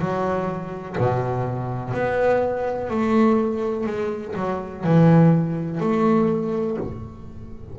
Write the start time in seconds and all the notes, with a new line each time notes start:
0.00 F#3
0.99 B2
1.94 B3
2.90 A3
3.87 G#3
4.36 F#3
4.84 E3
5.81 A3